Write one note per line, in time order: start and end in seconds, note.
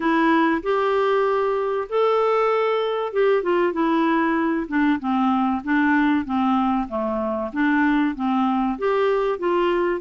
0.00 0.61 E4
0.62 1.88 G4
1.89 3.12 A4
3.12 3.43 G4
3.43 3.72 F4
3.72 4.66 E4
4.68 4.99 D4
4.99 5.62 C4
5.64 6.25 D4
6.25 6.88 C4
6.88 7.51 A3
7.52 8.15 D4
8.15 8.78 C4
8.78 9.38 G4
9.38 10.01 F4